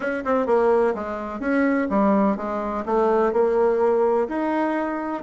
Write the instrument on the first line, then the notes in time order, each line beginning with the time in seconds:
bassoon
0.00 C#4
0.24 C4
0.46 A#3
0.94 G#3
1.39 C#4
1.89 G3
2.36 G#3
2.85 A3
3.32 A#3
4.28 D#4